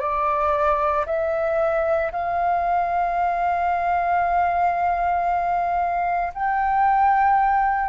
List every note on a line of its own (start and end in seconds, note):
0.00 1.05 D5
1.06 2.11 E5
2.12 6.33 F5
6.34 7.89 G5